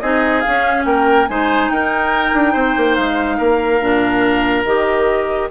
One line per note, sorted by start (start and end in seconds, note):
0.00 0.43 C4
0.00 0.44 D#4
0.00 0.86 G#4
0.00 0.40 D#5
0.40 0.83 F5
0.47 0.85 C#4
0.47 1.28 C#4
0.84 1.27 A#3
0.84 1.29 A#4
0.84 1.26 G5
1.26 1.68 G#3
1.26 3.81 D#4
1.26 1.72 C5
1.26 1.68 G#5
1.68 2.32 D#4
1.68 2.52 A#4
1.68 2.95 G5
2.33 2.54 D4
2.52 2.75 C4
2.52 3.37 C5
2.76 2.97 A#3
2.95 3.39 G#3
2.95 4.64 F5
3.37 3.81 A#3
3.37 5.48 A#4
3.81 4.65 A#2
3.81 4.65 D4
4.64 5.49 D#3
4.64 5.50 G4
4.64 5.49 D#5